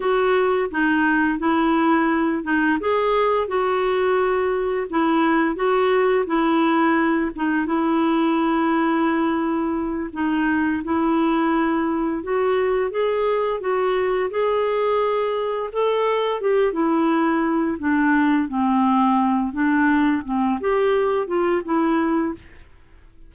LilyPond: \new Staff \with { instrumentName = "clarinet" } { \time 4/4 \tempo 4 = 86 fis'4 dis'4 e'4. dis'8 | gis'4 fis'2 e'4 | fis'4 e'4. dis'8 e'4~ | e'2~ e'8 dis'4 e'8~ |
e'4. fis'4 gis'4 fis'8~ | fis'8 gis'2 a'4 g'8 | e'4. d'4 c'4. | d'4 c'8 g'4 f'8 e'4 | }